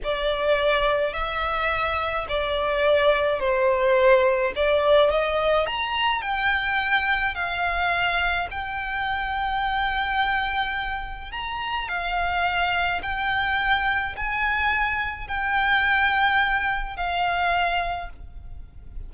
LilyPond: \new Staff \with { instrumentName = "violin" } { \time 4/4 \tempo 4 = 106 d''2 e''2 | d''2 c''2 | d''4 dis''4 ais''4 g''4~ | g''4 f''2 g''4~ |
g''1 | ais''4 f''2 g''4~ | g''4 gis''2 g''4~ | g''2 f''2 | }